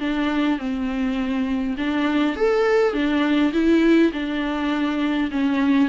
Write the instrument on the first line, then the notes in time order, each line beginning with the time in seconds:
viola
0.00 D4
0.59 C4
1.78 D4
2.36 A4
2.94 D4
3.53 E4
4.13 D4
5.31 C#4